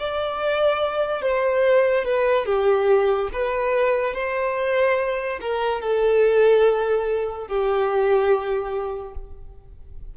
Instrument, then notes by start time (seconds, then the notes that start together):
violin
0.00 D5
1.22 C5
2.05 B4
2.46 G4
3.33 B4
4.15 C5
5.41 A#4
5.82 A4
7.48 G4